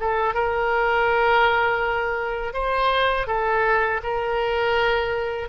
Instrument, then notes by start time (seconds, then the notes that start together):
oboe
0.00 A4
0.35 A#4
2.54 C5
3.27 A4
4.03 A#4